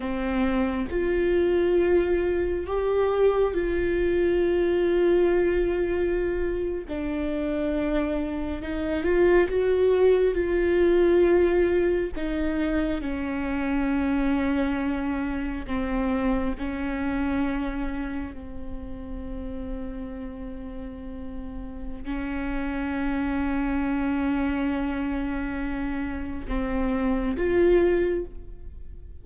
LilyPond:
\new Staff \with { instrumentName = "viola" } { \time 4/4 \tempo 4 = 68 c'4 f'2 g'4 | f'2.~ f'8. d'16~ | d'4.~ d'16 dis'8 f'8 fis'4 f'16~ | f'4.~ f'16 dis'4 cis'4~ cis'16~ |
cis'4.~ cis'16 c'4 cis'4~ cis'16~ | cis'8. c'2.~ c'16~ | c'4 cis'2.~ | cis'2 c'4 f'4 | }